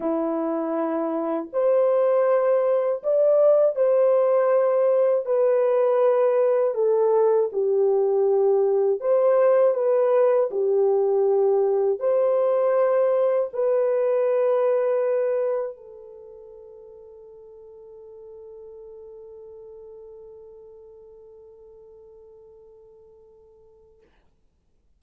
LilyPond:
\new Staff \with { instrumentName = "horn" } { \time 4/4 \tempo 4 = 80 e'2 c''2 | d''4 c''2 b'4~ | b'4 a'4 g'2 | c''4 b'4 g'2 |
c''2 b'2~ | b'4 a'2.~ | a'1~ | a'1 | }